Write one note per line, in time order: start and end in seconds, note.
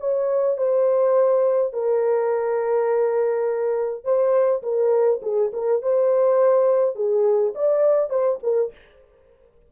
0.00 0.58 C#5
0.58 1.74 C5
1.74 4.05 A#4
4.05 4.63 C5
4.63 5.21 A#4
5.23 5.52 G#4
5.53 5.83 A#4
5.83 6.96 C5
6.96 7.54 G#4
7.55 8.11 D5
8.11 8.40 C5
8.44 8.73 A#4